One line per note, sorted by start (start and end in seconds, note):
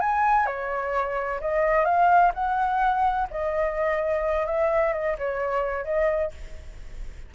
0.00 0.46 G#5
0.46 1.40 C#5
1.40 1.85 D#5
1.85 2.32 F5
2.34 3.28 F#5
3.30 4.46 D#5
4.46 4.93 E5
4.93 5.16 D#5
5.18 5.84 C#5
5.84 6.31 D#5